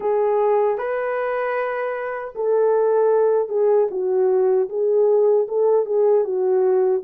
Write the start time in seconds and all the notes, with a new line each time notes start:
0.00 G#4
0.78 B4
2.35 A4
3.49 G#4
3.91 F#4
4.69 G#4
5.48 A4
5.85 G#4
6.24 F#4